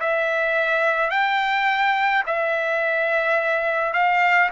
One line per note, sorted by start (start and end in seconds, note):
0.00 1.10 E5
1.10 2.23 G5
2.26 3.93 E5
3.93 4.50 F5